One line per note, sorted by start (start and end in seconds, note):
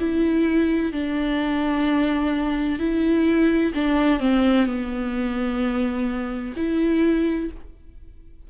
0.00 0.93 E4
0.93 2.80 D4
2.80 3.73 E4
3.75 4.20 D4
4.20 4.67 C4
4.67 6.55 B3
6.57 7.50 E4